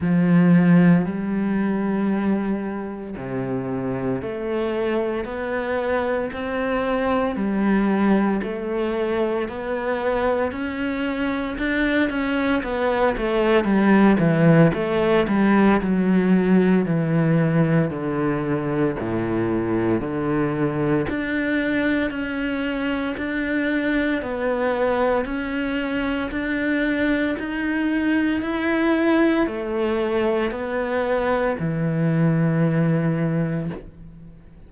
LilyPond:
\new Staff \with { instrumentName = "cello" } { \time 4/4 \tempo 4 = 57 f4 g2 c4 | a4 b4 c'4 g4 | a4 b4 cis'4 d'8 cis'8 | b8 a8 g8 e8 a8 g8 fis4 |
e4 d4 a,4 d4 | d'4 cis'4 d'4 b4 | cis'4 d'4 dis'4 e'4 | a4 b4 e2 | }